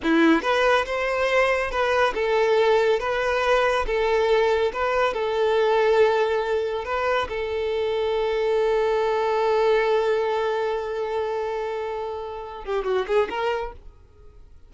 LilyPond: \new Staff \with { instrumentName = "violin" } { \time 4/4 \tempo 4 = 140 e'4 b'4 c''2 | b'4 a'2 b'4~ | b'4 a'2 b'4 | a'1 |
b'4 a'2.~ | a'1~ | a'1~ | a'4. g'8 fis'8 gis'8 ais'4 | }